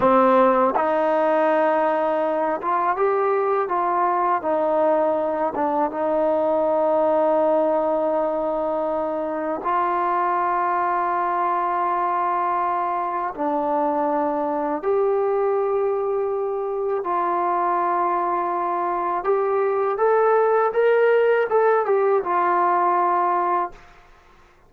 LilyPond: \new Staff \with { instrumentName = "trombone" } { \time 4/4 \tempo 4 = 81 c'4 dis'2~ dis'8 f'8 | g'4 f'4 dis'4. d'8 | dis'1~ | dis'4 f'2.~ |
f'2 d'2 | g'2. f'4~ | f'2 g'4 a'4 | ais'4 a'8 g'8 f'2 | }